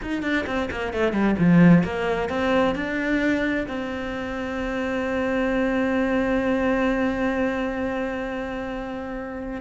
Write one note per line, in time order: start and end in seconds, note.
0.02 0.22 D#4
0.22 0.45 D4
0.46 0.69 C4
0.70 0.93 A#3
0.93 1.12 A3
1.12 1.35 G3
1.38 1.83 F3
1.83 2.29 A#3
2.29 2.75 C4
2.75 3.66 D4
3.67 9.61 C4